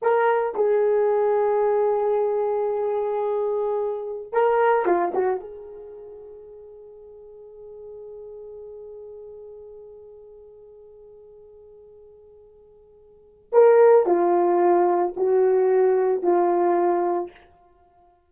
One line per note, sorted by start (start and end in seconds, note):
0.01 0.55 A#4
0.55 4.32 G#4
4.32 4.85 A#4
4.85 5.12 F4
5.14 5.39 F#4
5.39 13.50 G#4
13.52 14.05 A#4
14.05 15.14 F4
15.16 16.22 F#4
16.22 17.30 F4